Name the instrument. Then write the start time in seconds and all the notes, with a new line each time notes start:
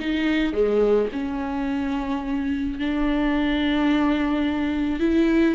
viola
0.00 D#4
0.53 G#3
1.13 C#4
2.79 D4
5.00 E4